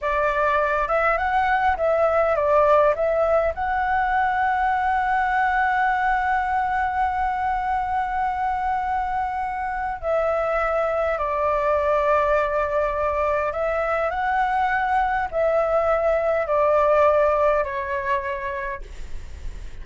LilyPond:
\new Staff \with { instrumentName = "flute" } { \time 4/4 \tempo 4 = 102 d''4. e''8 fis''4 e''4 | d''4 e''4 fis''2~ | fis''1~ | fis''1~ |
fis''4 e''2 d''4~ | d''2. e''4 | fis''2 e''2 | d''2 cis''2 | }